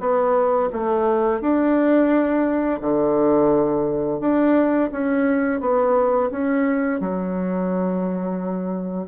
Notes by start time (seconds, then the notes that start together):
0.00 B3
0.73 A3
1.41 D4
2.81 D3
4.21 D4
4.92 C#4
5.61 B3
6.31 C#4
7.01 F#3